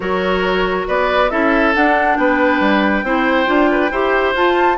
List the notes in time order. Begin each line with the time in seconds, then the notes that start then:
0.00 F#3 F#4 A#4 C#5
0.87 B3 B4 D5
1.29 C#4 E4 A4 E5
1.74 D4 F#5
2.16 B3 B4 G5
2.60 G3
3.03 C4 E4 C5
3.45 D4 F4
3.71 B4
3.91 E4 G4 C5
4.34 F4 A5